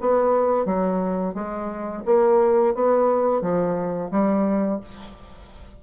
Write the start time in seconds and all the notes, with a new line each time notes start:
0.00 B3
0.65 F#3
1.34 G#3
2.05 A#3
2.74 B3
3.41 F3
4.11 G3